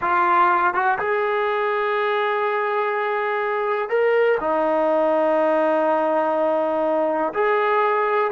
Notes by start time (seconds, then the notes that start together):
0.01 F4
0.74 F#4
0.98 G#4
3.89 A#4
4.40 D#4
7.33 G#4